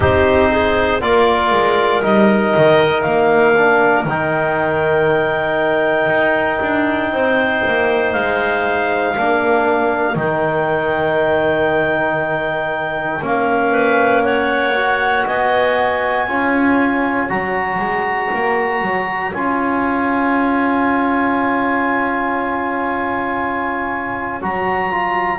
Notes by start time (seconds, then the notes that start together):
0.00 C4 D#4 G4 C5
0.50 G#4
1.00 A#3 F4 A#4 D5
1.51 G#3
2.02 G3 D#4 D#5
2.56 D#3
3.01 A#3 F5
3.56 D4
4.04 D#3 D#4 G5
6.08 D#4
6.61 D4
7.11 C4 C5
7.67 A#3
8.12 G#3 F5
9.14 A#3 D4 A#4
10.15 D#3 D#4 G5
13.21 A#3 C#4 F5
13.71 B4
14.23 C#5 F#5
14.75 F#4
15.25 B3 D#5 G#5
16.27 C#4 F4 C#5
17.29 F#3 F#4 A#5
17.78 G#3
18.33 A#3
18.81 F#3
19.33 C#4 F4 G#5
24.41 F#3 F#4 A#5
24.91 F4